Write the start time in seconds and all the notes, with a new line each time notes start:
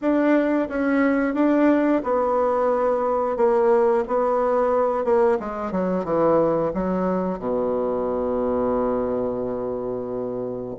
0.01 D4
0.68 C#4
1.34 D4
2.03 B3
3.36 A#3
4.07 B3
5.04 A#3
5.39 G#3
5.71 F#3
6.04 E3
6.74 F#3
7.39 B2